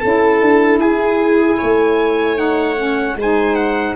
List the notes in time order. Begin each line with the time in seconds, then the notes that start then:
0.00 C#4 E4 A4 A5
0.42 D4
0.79 E4 G#4 G#5
1.58 A3 C#5
2.36 D#4 F#5
2.77 C#4
3.16 G#3 D#4 C5 G#5
3.56 F#5